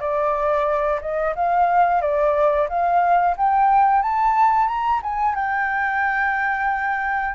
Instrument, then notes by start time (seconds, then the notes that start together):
flute
0.00 D5
1.01 D#5
1.35 F5
2.01 D5
2.69 F5
3.37 G5
4.02 A5
4.67 A#5
5.03 G#5
5.35 G5